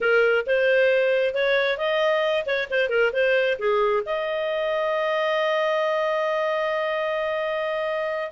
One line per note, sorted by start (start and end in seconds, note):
0.01 0.45 A#4
0.46 1.34 C5
1.34 1.77 C#5
1.77 2.44 D#5
2.45 2.68 C#5
2.70 2.89 C5
2.89 3.11 A#4
3.12 3.57 C5
3.58 4.03 G#4
4.05 8.31 D#5